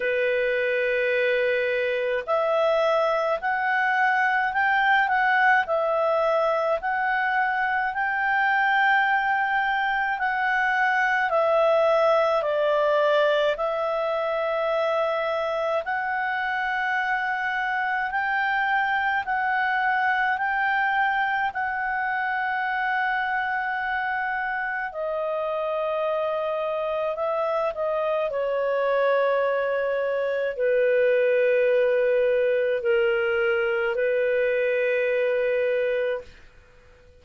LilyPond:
\new Staff \with { instrumentName = "clarinet" } { \time 4/4 \tempo 4 = 53 b'2 e''4 fis''4 | g''8 fis''8 e''4 fis''4 g''4~ | g''4 fis''4 e''4 d''4 | e''2 fis''2 |
g''4 fis''4 g''4 fis''4~ | fis''2 dis''2 | e''8 dis''8 cis''2 b'4~ | b'4 ais'4 b'2 | }